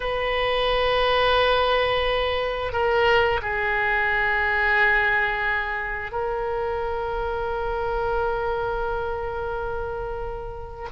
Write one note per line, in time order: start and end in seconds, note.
0.00 2.72 B4
2.72 3.40 A#4
3.42 6.11 G#4
6.11 10.88 A#4